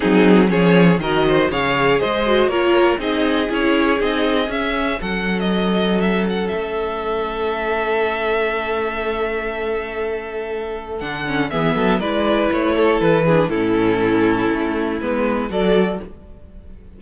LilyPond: <<
  \new Staff \with { instrumentName = "violin" } { \time 4/4 \tempo 4 = 120 gis'4 cis''4 dis''4 f''4 | dis''4 cis''4 dis''4 cis''4 | dis''4 e''4 fis''8. dis''4~ dis''16 | e''8 fis''8 e''2.~ |
e''1~ | e''2 fis''4 e''4 | d''4 cis''4 b'4 a'4~ | a'2 b'4 d''4 | }
  \new Staff \with { instrumentName = "violin" } { \time 4/4 dis'4 gis'4 ais'8 c''8 cis''4 | c''4 ais'4 gis'2~ | gis'2 a'2~ | a'1~ |
a'1~ | a'2. gis'8 a'8 | b'4. a'4 gis'8 e'4~ | e'2. a'4 | }
  \new Staff \with { instrumentName = "viola" } { \time 4/4 c'4 cis'4 fis'4 gis'4~ | gis'8 fis'8 f'4 dis'4 e'4 | dis'4 cis'2.~ | cis'1~ |
cis'1~ | cis'2 d'8 cis'8 b4 | e'2~ e'8 d'8 cis'4~ | cis'2 b4 fis'4 | }
  \new Staff \with { instrumentName = "cello" } { \time 4/4 fis4 f4 dis4 cis4 | gis4 ais4 c'4 cis'4 | c'4 cis'4 fis2~ | fis4 a2.~ |
a1~ | a2 d4 e8 fis8 | gis4 a4 e4 a,4~ | a,4 a4 gis4 fis4 | }
>>